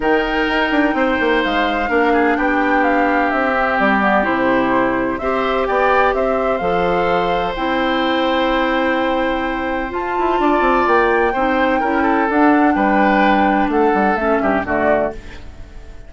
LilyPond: <<
  \new Staff \with { instrumentName = "flute" } { \time 4/4 \tempo 4 = 127 g''2. f''4~ | f''4 g''4 f''4 e''4 | d''4 c''2 e''4 | g''4 e''4 f''2 |
g''1~ | g''4 a''2 g''4~ | g''2 fis''4 g''4~ | g''4 fis''4 e''4 d''4 | }
  \new Staff \with { instrumentName = "oboe" } { \time 4/4 ais'2 c''2 | ais'8 gis'8 g'2.~ | g'2. c''4 | d''4 c''2.~ |
c''1~ | c''2 d''2 | c''4 ais'8 a'4. b'4~ | b'4 a'4. g'8 fis'4 | }
  \new Staff \with { instrumentName = "clarinet" } { \time 4/4 dis'1 | d'2.~ d'8 c'8~ | c'8 b8 e'2 g'4~ | g'2 a'2 |
e'1~ | e'4 f'2. | dis'4 e'4 d'2~ | d'2 cis'4 a4 | }
  \new Staff \with { instrumentName = "bassoon" } { \time 4/4 dis4 dis'8 d'8 c'8 ais8 gis4 | ais4 b2 c'4 | g4 c2 c'4 | b4 c'4 f2 |
c'1~ | c'4 f'8 e'8 d'8 c'8 ais4 | c'4 cis'4 d'4 g4~ | g4 a8 g8 a8 g,8 d4 | }
>>